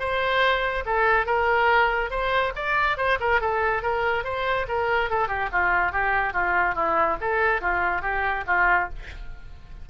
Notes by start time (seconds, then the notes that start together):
0.00 C5
0.86 A4
1.27 A#4
2.11 C5
2.56 D5
2.98 C5
3.21 A#4
3.41 A4
3.83 A#4
4.24 C5
4.68 A#4
5.10 A4
5.29 G4
5.52 F4
5.93 G4
6.34 F4
6.75 E4
7.21 A4
7.62 F4
8.02 G4
8.47 F4